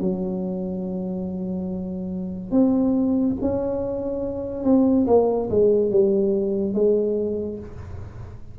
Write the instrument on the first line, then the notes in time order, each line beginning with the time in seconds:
tuba
0.00 F#3
2.51 C4
3.41 C#4
4.64 C4
5.07 A#3
5.50 G#3
5.91 G3
6.74 G#3